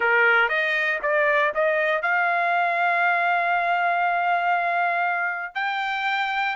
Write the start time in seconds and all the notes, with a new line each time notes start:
0.00 A#4
0.48 D#5
1.02 D5
1.54 D#5
2.01 F5
5.54 G5